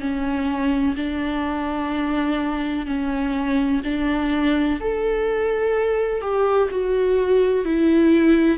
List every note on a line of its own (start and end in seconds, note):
0.00 0.95 C#4
0.97 2.86 D4
2.86 3.81 C#4
3.84 4.80 D4
4.80 6.21 A4
6.21 6.69 G4
6.71 7.65 F#4
7.65 8.58 E4